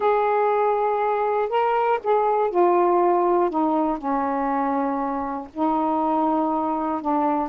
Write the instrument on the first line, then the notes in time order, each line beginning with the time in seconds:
saxophone
0.00 G#4
1.49 A#4
2.03 G#4
2.50 F4
3.50 D#4
3.98 C#4
5.53 D#4
7.01 D4